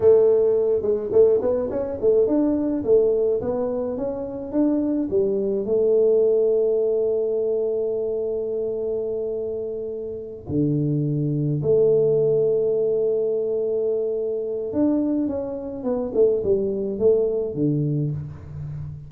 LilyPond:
\new Staff \with { instrumentName = "tuba" } { \time 4/4 \tempo 4 = 106 a4. gis8 a8 b8 cis'8 a8 | d'4 a4 b4 cis'4 | d'4 g4 a2~ | a1~ |
a2~ a8 d4.~ | d8 a2.~ a8~ | a2 d'4 cis'4 | b8 a8 g4 a4 d4 | }